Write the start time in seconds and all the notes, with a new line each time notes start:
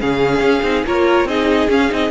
0.00 C#3 C#4 G#4 F5
0.40 C#4
0.62 C4 D#4
0.86 A#3 F4 A#4 C#5
1.24 C4 D#4 G#4 D#5
1.69 C#4 F5
1.89 C4 D#4 D#5